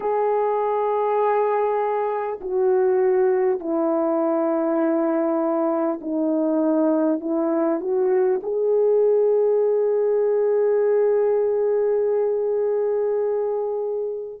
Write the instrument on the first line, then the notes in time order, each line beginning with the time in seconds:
horn
0.00 G#4
2.40 F#4
3.59 E4
6.01 D#4
7.20 E4
7.80 F#4
8.42 G#4